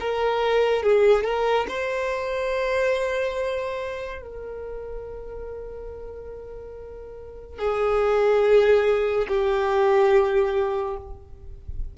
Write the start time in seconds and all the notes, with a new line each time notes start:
0.00 A#4
0.83 G#4
1.24 A#4
1.69 C5
4.22 A#4
7.58 G#4
9.28 G4